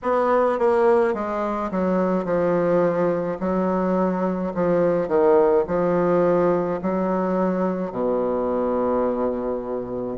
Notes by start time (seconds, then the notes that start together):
0.02 B3
0.59 A#3
1.14 G#3
1.71 F#3
2.24 F3
3.40 F#3
4.54 F3
5.07 D#3
5.67 F3
6.82 F#3
7.91 B2